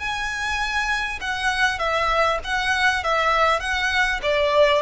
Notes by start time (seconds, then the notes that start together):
0.00 G#5
1.21 F#5
1.79 E5
2.44 F#5
3.04 E5
3.61 F#5
4.23 D5